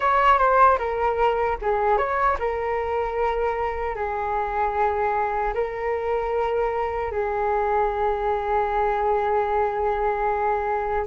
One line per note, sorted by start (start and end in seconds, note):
0.00 0.38 C#5
0.38 0.78 C5
0.78 1.57 A#4
1.61 1.97 G#4
1.97 2.37 C#5
2.39 3.95 A#4
3.95 5.53 G#4
5.54 7.11 A#4
7.11 11.06 G#4